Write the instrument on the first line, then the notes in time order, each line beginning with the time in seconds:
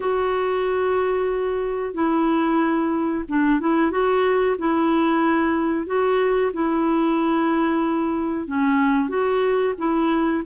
clarinet
0.00 F#4
1.94 E4
3.28 D4
3.60 E4
3.91 F#4
4.58 E4
5.86 F#4
6.53 E4
8.47 C#4
9.08 F#4
9.78 E4